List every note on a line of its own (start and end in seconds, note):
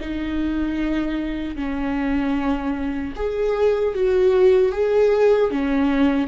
0.00 1.55 D#4
1.55 3.13 C#4
3.15 3.94 G#4
3.94 4.72 F#4
4.72 5.50 G#4
5.50 6.27 C#4